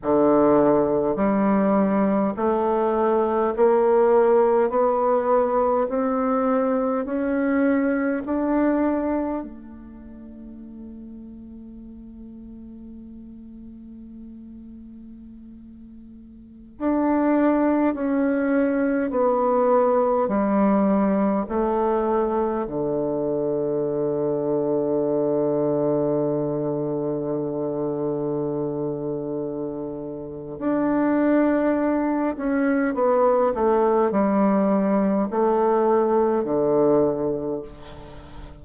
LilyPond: \new Staff \with { instrumentName = "bassoon" } { \time 4/4 \tempo 4 = 51 d4 g4 a4 ais4 | b4 c'4 cis'4 d'4 | a1~ | a2~ a16 d'4 cis'8.~ |
cis'16 b4 g4 a4 d8.~ | d1~ | d2 d'4. cis'8 | b8 a8 g4 a4 d4 | }